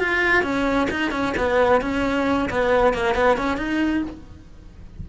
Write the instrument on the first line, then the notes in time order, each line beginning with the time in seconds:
cello
0.00 F4
0.43 C#4
0.91 D#4
1.12 C#4
1.37 B3
1.82 C#4
2.50 B3
2.94 A#3
3.15 B3
3.38 C#4
3.58 D#4